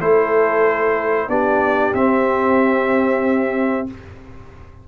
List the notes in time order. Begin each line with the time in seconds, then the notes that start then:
0.00 A3 E4 A4 C5
1.28 B3 D4 G4 D5
1.94 C4 E5